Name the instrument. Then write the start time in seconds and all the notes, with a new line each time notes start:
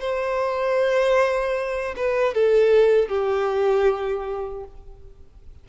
violin
0.00 C5
1.96 B4
2.34 A4
3.08 G4